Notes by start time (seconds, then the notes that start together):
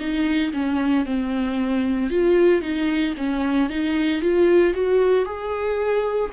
0.00 D#4
0.54 C#4
1.06 C4
2.11 F4
2.62 D#4
3.18 C#4
3.70 D#4
4.22 F4
4.74 F#4
5.26 G#4